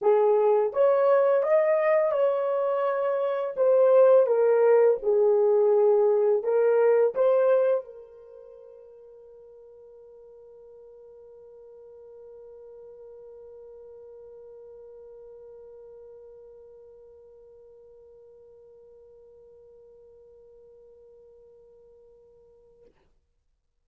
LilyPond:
\new Staff \with { instrumentName = "horn" } { \time 4/4 \tempo 4 = 84 gis'4 cis''4 dis''4 cis''4~ | cis''4 c''4 ais'4 gis'4~ | gis'4 ais'4 c''4 ais'4~ | ais'1~ |
ais'1~ | ais'1~ | ais'1~ | ais'1 | }